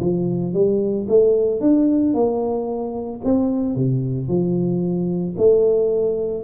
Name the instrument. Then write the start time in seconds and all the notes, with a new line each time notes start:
tuba
0.00 F3
0.53 G3
1.08 A3
1.60 D4
2.14 A#3
3.24 C4
3.75 C3
4.28 F3
5.37 A3